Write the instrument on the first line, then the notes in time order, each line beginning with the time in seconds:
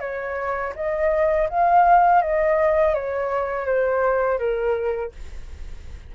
flute
0.00 C#5
0.76 D#5
1.50 F5
2.22 D#5
2.94 C#5
3.66 C5
4.39 A#4